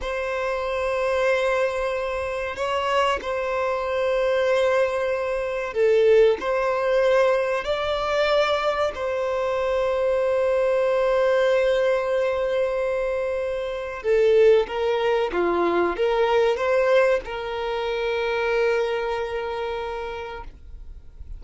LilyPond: \new Staff \with { instrumentName = "violin" } { \time 4/4 \tempo 4 = 94 c''1 | cis''4 c''2.~ | c''4 a'4 c''2 | d''2 c''2~ |
c''1~ | c''2 a'4 ais'4 | f'4 ais'4 c''4 ais'4~ | ais'1 | }